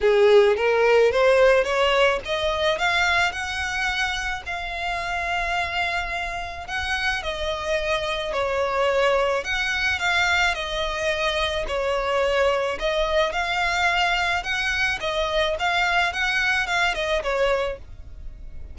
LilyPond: \new Staff \with { instrumentName = "violin" } { \time 4/4 \tempo 4 = 108 gis'4 ais'4 c''4 cis''4 | dis''4 f''4 fis''2 | f''1 | fis''4 dis''2 cis''4~ |
cis''4 fis''4 f''4 dis''4~ | dis''4 cis''2 dis''4 | f''2 fis''4 dis''4 | f''4 fis''4 f''8 dis''8 cis''4 | }